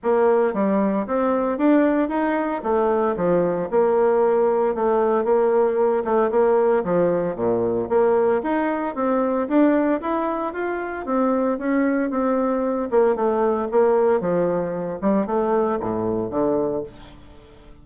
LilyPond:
\new Staff \with { instrumentName = "bassoon" } { \time 4/4 \tempo 4 = 114 ais4 g4 c'4 d'4 | dis'4 a4 f4 ais4~ | ais4 a4 ais4. a8 | ais4 f4 ais,4 ais4 |
dis'4 c'4 d'4 e'4 | f'4 c'4 cis'4 c'4~ | c'8 ais8 a4 ais4 f4~ | f8 g8 a4 a,4 d4 | }